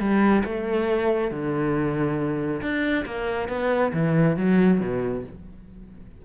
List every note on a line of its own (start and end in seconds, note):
0.00 0.43 G3
0.45 1.31 A3
1.31 2.62 D3
2.62 3.06 D4
3.06 3.49 A#3
3.49 3.93 B3
3.93 4.37 E3
4.37 4.80 F#3
4.80 5.24 B2